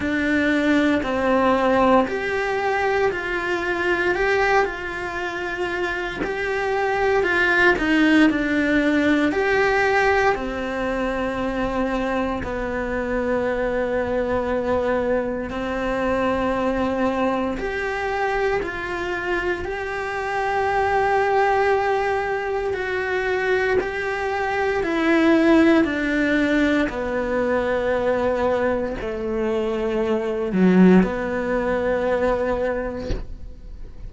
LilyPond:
\new Staff \with { instrumentName = "cello" } { \time 4/4 \tempo 4 = 58 d'4 c'4 g'4 f'4 | g'8 f'4. g'4 f'8 dis'8 | d'4 g'4 c'2 | b2. c'4~ |
c'4 g'4 f'4 g'4~ | g'2 fis'4 g'4 | e'4 d'4 b2 | a4. fis8 b2 | }